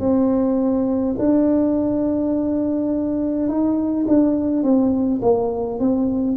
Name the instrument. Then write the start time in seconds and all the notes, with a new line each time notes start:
tuba
0.00 C4
1.19 D4
3.49 D#4
4.09 D4
4.64 C4
5.22 A#3
5.80 C4